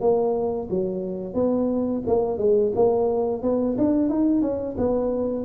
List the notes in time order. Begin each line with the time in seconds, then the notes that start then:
0.00 A#3
0.70 F#3
1.34 B3
2.06 A#3
2.38 G#3
2.75 A#3
3.42 B3
3.77 D4
4.09 D#4
4.41 C#4
4.77 B3